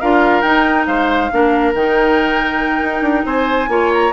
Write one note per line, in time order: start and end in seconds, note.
0.00 0.42 D4
0.00 0.43 F4
0.00 0.87 A#4
0.00 0.41 F5
0.41 0.86 D#4
0.41 1.30 D#4
0.41 0.84 G5
0.86 1.30 G#3
0.86 1.30 C5
0.86 1.73 F5
1.31 1.74 A#3
1.31 1.74 D4
1.31 3.26 A#4
1.74 2.81 D#3
1.74 3.68 D#4
1.74 3.26 G5
2.81 3.01 D#4
3.01 3.23 D4
3.25 3.68 C4
3.25 3.69 C5
3.25 3.91 G#5
3.68 4.11 A#3
3.68 4.12 F4
3.68 4.12 C#5
3.93 4.12 A#5